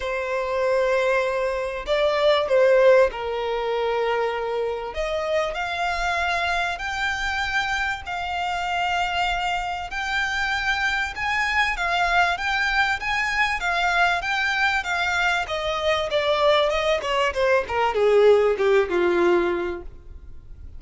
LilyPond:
\new Staff \with { instrumentName = "violin" } { \time 4/4 \tempo 4 = 97 c''2. d''4 | c''4 ais'2. | dis''4 f''2 g''4~ | g''4 f''2. |
g''2 gis''4 f''4 | g''4 gis''4 f''4 g''4 | f''4 dis''4 d''4 dis''8 cis''8 | c''8 ais'8 gis'4 g'8 f'4. | }